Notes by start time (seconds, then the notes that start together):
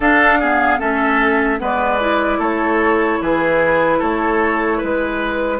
0.00 D4 A4 F5
0.39 B3 G#4
0.79 A3 C#4 A4 E5
1.59 G#3 B3 B4 D5
2.00 E4
2.38 A3 A4 C#5
3.20 E3 G#4 B4
3.98 A3 A4 C#5
4.77 G#3 B4